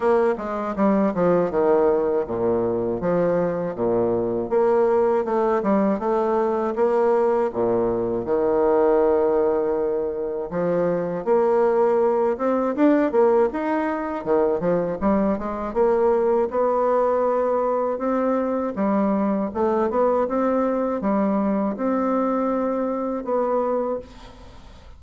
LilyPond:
\new Staff \with { instrumentName = "bassoon" } { \time 4/4 \tempo 4 = 80 ais8 gis8 g8 f8 dis4 ais,4 | f4 ais,4 ais4 a8 g8 | a4 ais4 ais,4 dis4~ | dis2 f4 ais4~ |
ais8 c'8 d'8 ais8 dis'4 dis8 f8 | g8 gis8 ais4 b2 | c'4 g4 a8 b8 c'4 | g4 c'2 b4 | }